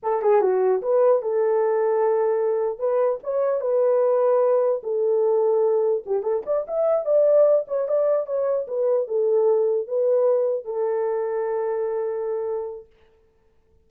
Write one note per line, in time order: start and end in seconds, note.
0.02 0.21 A4
0.21 0.41 G#4
0.41 0.81 F#4
0.82 1.22 B4
1.22 2.78 A4
2.78 3.19 B4
3.23 3.61 C#5
3.61 4.81 B4
4.83 6.04 A4
6.06 6.22 G4
6.22 6.42 A4
6.46 6.66 D5
6.67 7.05 E5
7.05 7.65 D5
7.67 7.87 C#5
7.88 8.26 D5
8.26 8.66 C#5
8.67 9.07 B4
9.07 9.87 A4
9.87 10.65 B4
10.65 12.86 A4